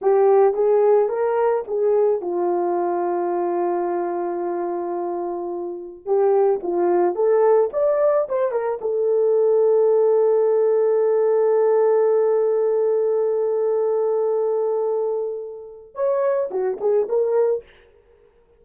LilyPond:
\new Staff \with { instrumentName = "horn" } { \time 4/4 \tempo 4 = 109 g'4 gis'4 ais'4 gis'4 | f'1~ | f'2. g'4 | f'4 a'4 d''4 c''8 ais'8 |
a'1~ | a'1~ | a'1~ | a'4 cis''4 fis'8 gis'8 ais'4 | }